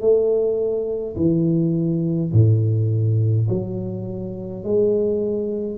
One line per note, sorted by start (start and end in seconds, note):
0.00 1.15 A3
1.16 2.31 E3
2.32 3.48 A2
3.49 4.63 F#3
4.63 5.77 G#3